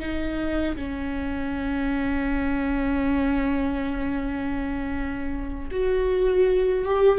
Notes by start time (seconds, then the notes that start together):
0.00 D#4
0.76 C#4
5.72 F#4
6.86 G4